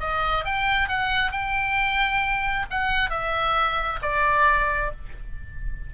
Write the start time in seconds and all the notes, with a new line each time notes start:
0.00 D#5
0.45 G5
0.88 F#5
1.32 G5
2.70 F#5
3.10 E5
4.02 D5